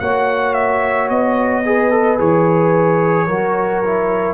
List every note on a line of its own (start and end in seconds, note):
0.00 1.10 A#3
0.00 1.64 F#4
0.00 1.65 C#5
0.00 0.54 F#5
0.54 1.09 E5
1.10 2.19 B3
1.10 2.19 D#5
1.65 1.91 G#4
1.65 3.27 B4
1.91 2.18 A4
2.18 3.27 E3
2.18 3.27 G#4
2.18 4.35 C#5
3.27 4.35 F#3
3.27 3.84 F#4
3.27 4.35 A#4
3.85 4.35 E4